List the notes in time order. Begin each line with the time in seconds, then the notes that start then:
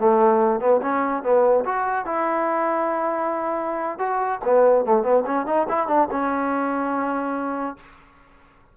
0.00 A3
0.60 B3
0.82 C#4
1.23 B3
1.65 F#4
2.06 E4
3.99 F#4
4.45 B3
4.85 A3
5.03 B3
5.26 C#4
5.47 D#4
5.69 E4
5.88 D4
6.11 C#4